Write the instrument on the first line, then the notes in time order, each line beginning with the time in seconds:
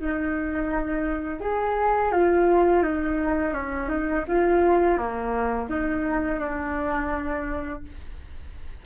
flute
0.00 D#4
1.40 G#4
2.11 F4
2.82 D#4
3.54 C#4
3.89 D#4
4.27 F4
4.97 A#3
5.69 D#4
6.40 D4